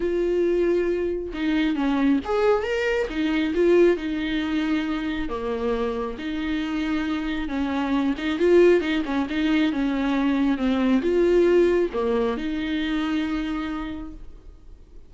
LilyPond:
\new Staff \with { instrumentName = "viola" } { \time 4/4 \tempo 4 = 136 f'2. dis'4 | cis'4 gis'4 ais'4 dis'4 | f'4 dis'2. | ais2 dis'2~ |
dis'4 cis'4. dis'8 f'4 | dis'8 cis'8 dis'4 cis'2 | c'4 f'2 ais4 | dis'1 | }